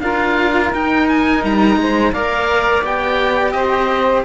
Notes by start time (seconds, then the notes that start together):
0.00 D4 F4 A#4 F5
0.72 D#4 G5
1.08 G#5
1.43 G3 A#5
1.76 G#3 C5
2.12 A#3 A#4 D5 F5
2.83 B3 G4 G5
3.51 C4 C5 D#5